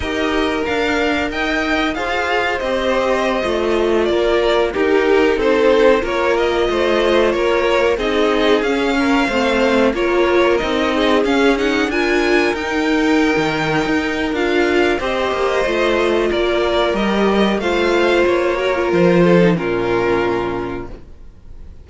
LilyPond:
<<
  \new Staff \with { instrumentName = "violin" } { \time 4/4 \tempo 4 = 92 dis''4 f''4 g''4 f''4 | dis''2~ dis''16 d''4 ais'8.~ | ais'16 c''4 cis''8 dis''4. cis''8.~ | cis''16 dis''4 f''2 cis''8.~ |
cis''16 dis''4 f''8 fis''8 gis''4 g''8.~ | g''2 f''4 dis''4~ | dis''4 d''4 dis''4 f''4 | cis''4 c''4 ais'2 | }
  \new Staff \with { instrumentName = "violin" } { \time 4/4 ais'2 dis''4 c''4~ | c''2~ c''16 ais'4 g'8.~ | g'16 a'4 ais'4 c''4 ais'8.~ | ais'16 gis'4. ais'8 c''4 ais'8.~ |
ais'8. gis'4. ais'4.~ ais'16~ | ais'2. c''4~ | c''4 ais'2 c''4~ | c''8 ais'4 a'8 f'2 | }
  \new Staff \with { instrumentName = "viola" } { \time 4/4 g'4 ais'2 gis'4 | g'4~ g'16 f'2 dis'8.~ | dis'4~ dis'16 f'2~ f'8.~ | f'16 dis'4 cis'4 c'4 f'8.~ |
f'16 dis'4 cis'8 dis'8 f'4 dis'8.~ | dis'2 f'4 g'4 | f'2 g'4 f'4~ | f'8 fis'16 f'4 dis'16 cis'2 | }
  \new Staff \with { instrumentName = "cello" } { \time 4/4 dis'4 d'4 dis'4 f'4 | c'4~ c'16 a4 ais4 dis'8.~ | dis'16 c'4 ais4 a4 ais8.~ | ais16 c'4 cis'4 a4 ais8.~ |
ais16 c'4 cis'4 d'4 dis'8.~ | dis'8 dis8. dis'8. d'4 c'8 ais8 | a4 ais4 g4 a4 | ais4 f4 ais,2 | }
>>